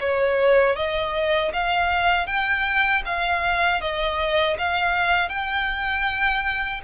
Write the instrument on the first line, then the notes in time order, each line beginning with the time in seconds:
violin
0.00 C#5
0.76 D#5
1.53 F5
2.26 G5
3.05 F5
3.80 D#5
4.58 F5
5.29 G5